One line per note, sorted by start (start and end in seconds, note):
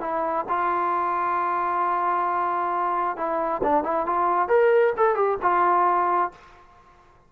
0.00 0.45 E4
0.48 3.16 F4
3.16 3.61 E4
3.63 3.83 D4
3.83 4.06 E4
4.06 4.48 F4
4.48 4.93 A#4
4.97 5.15 A4
5.15 5.37 G4
5.42 6.31 F4